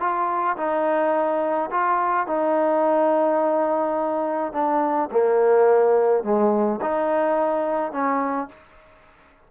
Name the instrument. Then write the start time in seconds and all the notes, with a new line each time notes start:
trombone
0.00 F4
0.57 D#4
1.71 F4
2.27 D#4
4.53 D4
5.11 A#3
6.24 G#3
6.82 D#4
7.92 C#4